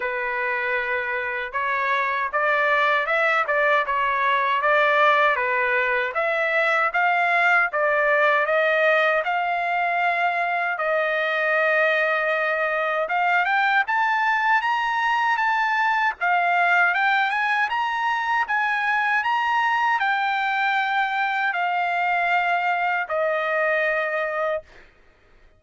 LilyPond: \new Staff \with { instrumentName = "trumpet" } { \time 4/4 \tempo 4 = 78 b'2 cis''4 d''4 | e''8 d''8 cis''4 d''4 b'4 | e''4 f''4 d''4 dis''4 | f''2 dis''2~ |
dis''4 f''8 g''8 a''4 ais''4 | a''4 f''4 g''8 gis''8 ais''4 | gis''4 ais''4 g''2 | f''2 dis''2 | }